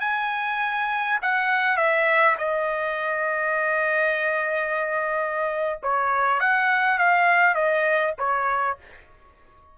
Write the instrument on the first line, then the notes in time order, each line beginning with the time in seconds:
trumpet
0.00 G#5
1.22 F#5
1.77 E5
2.38 D#5
5.83 C#5
6.40 F#5
6.98 F5
7.55 D#5
8.18 C#5